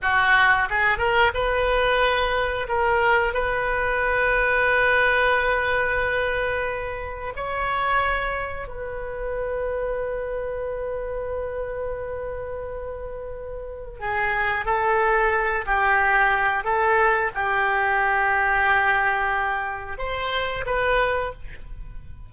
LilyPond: \new Staff \with { instrumentName = "oboe" } { \time 4/4 \tempo 4 = 90 fis'4 gis'8 ais'8 b'2 | ais'4 b'2.~ | b'2. cis''4~ | cis''4 b'2.~ |
b'1~ | b'4 gis'4 a'4. g'8~ | g'4 a'4 g'2~ | g'2 c''4 b'4 | }